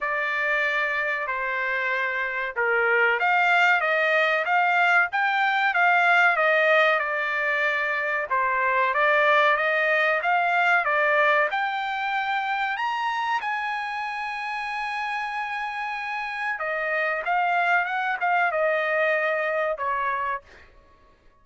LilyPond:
\new Staff \with { instrumentName = "trumpet" } { \time 4/4 \tempo 4 = 94 d''2 c''2 | ais'4 f''4 dis''4 f''4 | g''4 f''4 dis''4 d''4~ | d''4 c''4 d''4 dis''4 |
f''4 d''4 g''2 | ais''4 gis''2.~ | gis''2 dis''4 f''4 | fis''8 f''8 dis''2 cis''4 | }